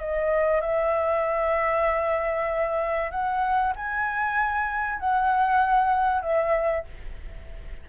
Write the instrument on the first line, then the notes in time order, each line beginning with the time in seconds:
flute
0.00 D#5
0.61 E5
3.11 F#5
3.76 G#5
4.99 F#5
6.22 E5